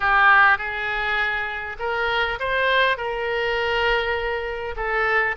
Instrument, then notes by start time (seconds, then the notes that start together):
oboe
0.00 G4
0.58 G#4
1.79 A#4
2.39 C5
2.97 A#4
4.76 A4